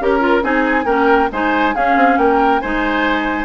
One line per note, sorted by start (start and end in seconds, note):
0.00 0.43 C#4
0.00 0.20 G4
0.00 0.43 A#4
0.00 0.44 A#4
0.20 0.42 F4
0.42 0.85 C4
0.42 0.85 D#4
0.42 0.85 G#4
0.42 0.86 G#5
0.85 1.28 A#3
0.85 1.29 C#4
0.85 1.29 A#4
0.85 1.30 G5
1.31 1.75 G#3
1.31 1.75 D#4
1.31 1.75 C5
1.31 1.75 G#5
1.75 1.96 C#4
1.75 2.62 C#4
1.75 2.18 G#4
1.75 2.18 F5
1.96 2.17 C4
2.17 2.61 A#3
2.17 2.61 A#4
2.17 2.60 G5
2.60 3.45 G#3
2.60 3.45 D#4
2.60 3.45 C5
2.60 3.45 G#5